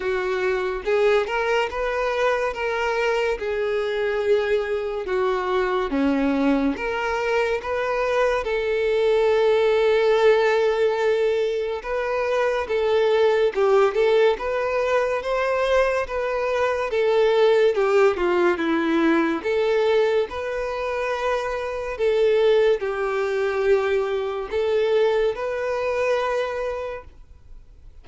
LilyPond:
\new Staff \with { instrumentName = "violin" } { \time 4/4 \tempo 4 = 71 fis'4 gis'8 ais'8 b'4 ais'4 | gis'2 fis'4 cis'4 | ais'4 b'4 a'2~ | a'2 b'4 a'4 |
g'8 a'8 b'4 c''4 b'4 | a'4 g'8 f'8 e'4 a'4 | b'2 a'4 g'4~ | g'4 a'4 b'2 | }